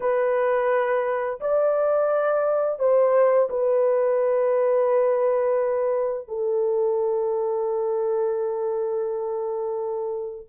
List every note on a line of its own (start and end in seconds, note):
0.00 1.40 B4
1.40 2.79 D5
2.79 3.49 C5
3.49 6.28 B4
6.28 10.46 A4